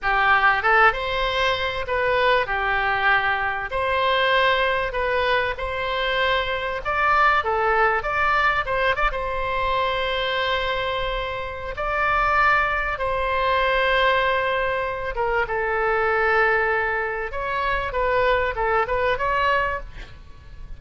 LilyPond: \new Staff \with { instrumentName = "oboe" } { \time 4/4 \tempo 4 = 97 g'4 a'8 c''4. b'4 | g'2 c''2 | b'4 c''2 d''4 | a'4 d''4 c''8 d''16 c''4~ c''16~ |
c''2. d''4~ | d''4 c''2.~ | c''8 ais'8 a'2. | cis''4 b'4 a'8 b'8 cis''4 | }